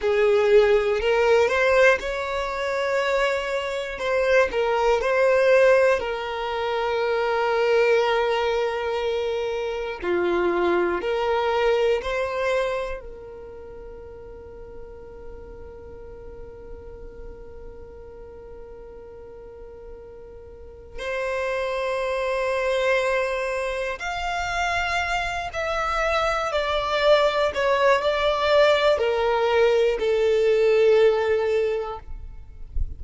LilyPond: \new Staff \with { instrumentName = "violin" } { \time 4/4 \tempo 4 = 60 gis'4 ais'8 c''8 cis''2 | c''8 ais'8 c''4 ais'2~ | ais'2 f'4 ais'4 | c''4 ais'2.~ |
ais'1~ | ais'4 c''2. | f''4. e''4 d''4 cis''8 | d''4 ais'4 a'2 | }